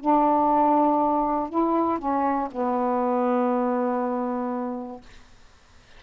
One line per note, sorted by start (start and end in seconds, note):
0.00 1.49 D4
1.49 1.98 E4
1.98 2.48 C#4
2.51 5.01 B3